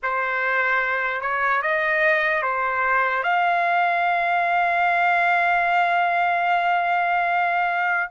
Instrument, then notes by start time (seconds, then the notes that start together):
trumpet
0.02 C5
1.21 C#5
1.62 D#5
2.42 C5
3.23 F5